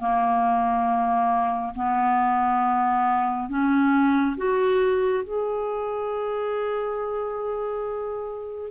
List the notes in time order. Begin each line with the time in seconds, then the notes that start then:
0.00 A#3
1.75 B3
3.49 C#4
4.38 F#4
5.24 G#4